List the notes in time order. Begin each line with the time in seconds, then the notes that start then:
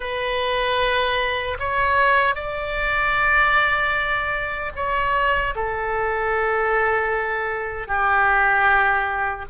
0.00 B4
1.59 C#5
2.35 D5
4.75 C#5
5.55 A4
7.87 G4